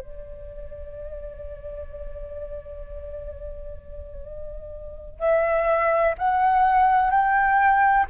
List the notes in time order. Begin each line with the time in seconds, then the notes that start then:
0.00 D5
5.19 E5
6.18 F#5
7.11 G5